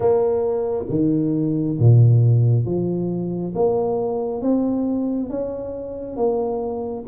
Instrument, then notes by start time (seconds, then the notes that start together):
tuba
0.00 A#3
0.89 D#3
1.79 A#2
2.65 F3
3.55 A#3
4.41 C4
5.29 C#4
6.16 A#3